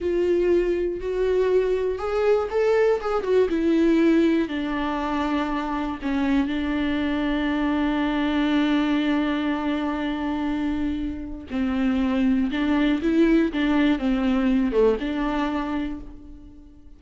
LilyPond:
\new Staff \with { instrumentName = "viola" } { \time 4/4 \tempo 4 = 120 f'2 fis'2 | gis'4 a'4 gis'8 fis'8 e'4~ | e'4 d'2. | cis'4 d'2.~ |
d'1~ | d'2. c'4~ | c'4 d'4 e'4 d'4 | c'4. a8 d'2 | }